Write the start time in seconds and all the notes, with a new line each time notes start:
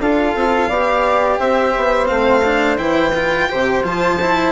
0.00 D4 F4 A4 F5
0.36 C4
0.69 B3 G4 D5
1.39 C4 C5 E5
1.77 B3
2.06 A3 C4 F5
2.45 D4
2.78 E3 E4 G5
3.13 F4 B4
3.50 C3 G4 C5
3.84 F3 F4 A5
4.22 E4